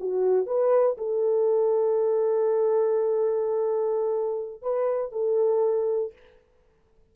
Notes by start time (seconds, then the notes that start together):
0.00 F#4
0.47 B4
0.98 A4
4.62 B4
5.12 A4